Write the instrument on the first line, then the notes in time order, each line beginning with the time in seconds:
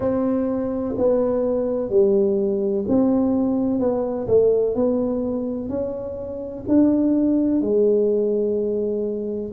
tuba
0.00 C4
0.97 B3
1.89 G3
2.88 C4
3.79 B3
4.27 A3
4.75 B3
5.69 C#4
6.68 D4
7.61 G#3